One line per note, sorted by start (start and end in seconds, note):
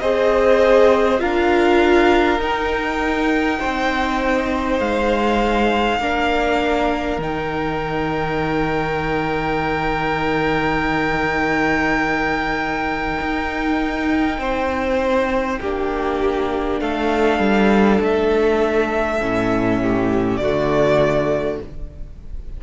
0.00 1.21 C4
0.00 1.19 G#4
0.00 1.21 C5
0.00 1.20 D#5
1.19 2.39 D4
1.19 2.39 F4
1.19 3.60 A#4
1.19 2.40 F5
2.39 3.59 D#4
2.39 6.01 D#4
2.39 4.80 G5
3.60 4.80 C4
3.60 6.00 C5
4.80 6.00 G#3
4.80 7.20 F5
6.00 7.19 A#3
6.00 7.21 D4
6.00 14.40 A#4
7.19 13.19 D#3
7.19 15.62 D#4
7.19 16.80 G5
13.20 14.39 D#4
14.39 15.59 C4
14.39 15.60 C5
15.61 16.81 A#3
15.61 19.21 D4
15.61 16.81 G4
16.80 17.39 A3
16.80 19.82 A4
16.80 18.00 F5
17.39 17.99 G3
18.01 19.21 A3
18.01 20.37 E5
19.21 20.39 A2
19.21 20.41 C#4
19.82 20.41 G4
20.37 21.59 D3
20.37 21.61 F#4
20.37 21.57 D5
20.43 21.64 A3